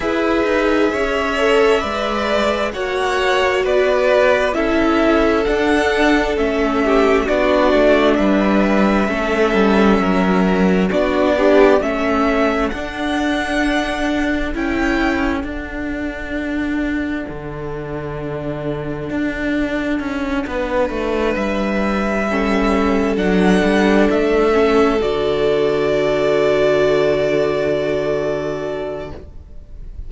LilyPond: <<
  \new Staff \with { instrumentName = "violin" } { \time 4/4 \tempo 4 = 66 e''2. fis''4 | d''4 e''4 fis''4 e''4 | d''4 e''2. | d''4 e''4 fis''2 |
g''4 fis''2.~ | fis''2.~ fis''8 e''8~ | e''4. fis''4 e''4 d''8~ | d''1 | }
  \new Staff \with { instrumentName = "violin" } { \time 4/4 b'4 cis''4 d''4 cis''4 | b'4 a'2~ a'8 g'8 | fis'4 b'4 a'4 ais'4 | fis'8 d'8 a'2.~ |
a'1~ | a'2~ a'8 b'4.~ | b'8 a'2.~ a'8~ | a'1 | }
  \new Staff \with { instrumentName = "viola" } { \time 4/4 gis'4. a'8 b'4 fis'4~ | fis'4 e'4 d'4 cis'4 | d'2 cis'2 | d'8 g'8 cis'4 d'2 |
e'4 d'2.~ | d'1~ | d'8 cis'4 d'4. cis'8 fis'8~ | fis'1 | }
  \new Staff \with { instrumentName = "cello" } { \time 4/4 e'8 dis'8 cis'4 gis4 ais4 | b4 cis'4 d'4 a4 | b8 a8 g4 a8 g8 fis4 | b4 a4 d'2 |
cis'4 d'2 d4~ | d4 d'4 cis'8 b8 a8 g8~ | g4. fis8 g8 a4 d8~ | d1 | }
>>